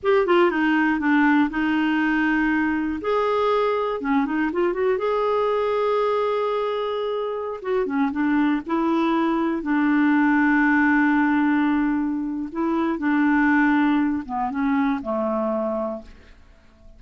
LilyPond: \new Staff \with { instrumentName = "clarinet" } { \time 4/4 \tempo 4 = 120 g'8 f'8 dis'4 d'4 dis'4~ | dis'2 gis'2 | cis'8 dis'8 f'8 fis'8 gis'2~ | gis'2.~ gis'16 fis'8 cis'16~ |
cis'16 d'4 e'2 d'8.~ | d'1~ | d'4 e'4 d'2~ | d'8 b8 cis'4 a2 | }